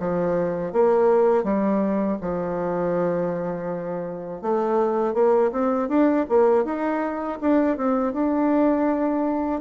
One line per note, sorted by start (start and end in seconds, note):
0.00 0.73 F3
0.73 1.44 A#3
1.44 2.18 G3
2.21 4.42 F3
4.42 5.14 A3
5.14 5.51 A#3
5.52 5.89 C4
5.89 6.26 D4
6.29 6.65 A#3
6.65 7.39 D#4
7.41 7.77 D4
7.77 8.13 C4
8.13 9.61 D4